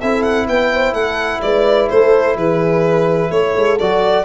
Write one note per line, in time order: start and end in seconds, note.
0.00 0.47 C4
0.00 3.79 E4
0.00 0.47 A4
0.00 0.23 E5
0.23 0.46 F#5
0.47 0.93 B3
0.47 0.72 B4
0.47 0.93 G5
0.72 0.94 C5
0.93 1.40 A3
0.93 1.41 A4
0.93 1.41 F#5
1.42 1.90 G#3
1.42 1.91 B4
1.42 1.89 D5
1.89 2.35 A3
1.89 2.36 A4
1.89 2.37 C5
2.35 3.30 E3
2.35 3.31 G#4
2.35 3.31 B4
3.30 3.54 A3
3.30 4.25 A4
3.30 3.78 C#5
3.55 3.79 G#3
3.79 4.25 F#3
3.79 4.25 F#4
3.79 4.25 D5